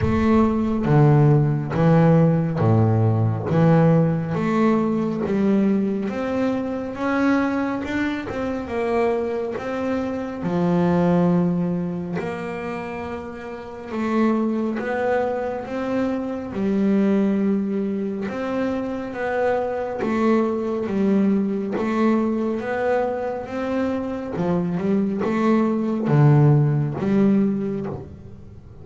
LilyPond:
\new Staff \with { instrumentName = "double bass" } { \time 4/4 \tempo 4 = 69 a4 d4 e4 a,4 | e4 a4 g4 c'4 | cis'4 d'8 c'8 ais4 c'4 | f2 ais2 |
a4 b4 c'4 g4~ | g4 c'4 b4 a4 | g4 a4 b4 c'4 | f8 g8 a4 d4 g4 | }